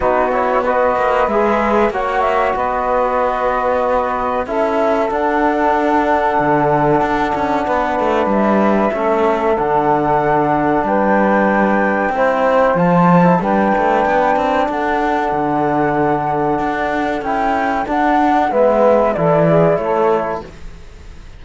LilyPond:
<<
  \new Staff \with { instrumentName = "flute" } { \time 4/4 \tempo 4 = 94 b'8 cis''8 dis''4 e''4 fis''8 e''8 | dis''2. e''4 | fis''1~ | fis''4 e''2 fis''4~ |
fis''4 g''2. | a''4 g''2 fis''4~ | fis''2. g''4 | fis''4 e''4 d''4 cis''4 | }
  \new Staff \with { instrumentName = "saxophone" } { \time 4/4 fis'4 b'2 cis''4 | b'2. a'4~ | a'1 | b'2 a'2~ |
a'4 b'2 c''4~ | c''4 b'2 a'4~ | a'1~ | a'4 b'4 a'8 gis'8 a'4 | }
  \new Staff \with { instrumentName = "trombone" } { \time 4/4 dis'8 e'8 fis'4 gis'4 fis'4~ | fis'2. e'4 | d'1~ | d'2 cis'4 d'4~ |
d'2. e'4 | f'8. e'16 d'2.~ | d'2. e'4 | d'4 b4 e'2 | }
  \new Staff \with { instrumentName = "cello" } { \time 4/4 b4. ais8 gis4 ais4 | b2. cis'4 | d'2 d4 d'8 cis'8 | b8 a8 g4 a4 d4~ |
d4 g2 c'4 | f4 g8 a8 b8 c'8 d'4 | d2 d'4 cis'4 | d'4 gis4 e4 a4 | }
>>